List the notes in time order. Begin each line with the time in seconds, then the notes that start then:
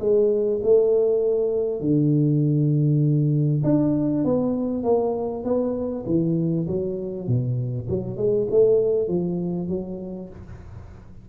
0.00 G#3
0.63 A3
1.81 D3
3.64 D4
4.25 B3
4.84 A#3
5.45 B3
6.07 E3
6.68 F#3
7.28 B2
7.90 F#3
8.17 G#3
8.51 A3
9.09 F3
9.69 F#3